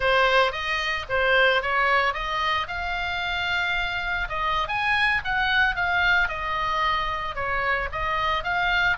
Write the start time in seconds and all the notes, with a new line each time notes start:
0.00 C5
0.52 D#5
1.09 C5
1.62 C#5
2.13 D#5
2.67 F5
4.28 D#5
4.68 G#5
5.24 F#5
5.75 F5
6.28 D#5
7.35 C#5
7.92 D#5
8.43 F5